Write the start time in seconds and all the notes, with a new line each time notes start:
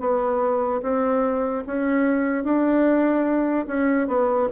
0.00 B3
0.83 C4
1.67 C#4
2.44 D4
3.67 C#4
4.08 B3